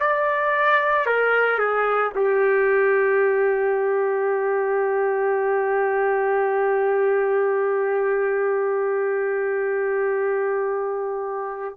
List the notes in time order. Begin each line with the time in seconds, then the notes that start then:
0.00 D5
1.06 A#4
1.59 G#4
2.15 G4